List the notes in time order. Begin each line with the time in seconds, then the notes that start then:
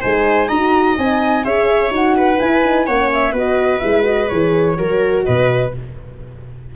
0.00 G#3 D#4 C5 G#5
0.48 D#4 F#4 D#5 A#5
0.98 C4 D#4 G#5
1.44 C#4 G#4 C#5 E5
1.89 D#4 F#4 F#5
2.16 B4
2.38 E4 G#5
2.63 D#4
2.86 A#3 C#4 C#5 F#5
3.13 E5
3.31 B3 F#4 B4 D#5
3.79 G#3 E4 E5
4.03 F#4 D#5
4.28 E3 G#4 C#5
4.76 F#3 F#4 A#4
5.23 B2 B4 D#5